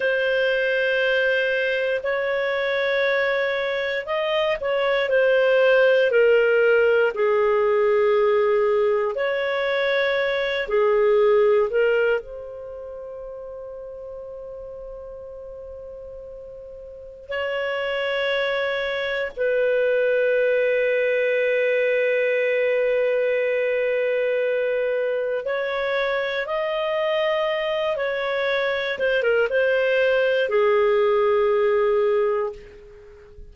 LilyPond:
\new Staff \with { instrumentName = "clarinet" } { \time 4/4 \tempo 4 = 59 c''2 cis''2 | dis''8 cis''8 c''4 ais'4 gis'4~ | gis'4 cis''4. gis'4 ais'8 | c''1~ |
c''4 cis''2 b'4~ | b'1~ | b'4 cis''4 dis''4. cis''8~ | cis''8 c''16 ais'16 c''4 gis'2 | }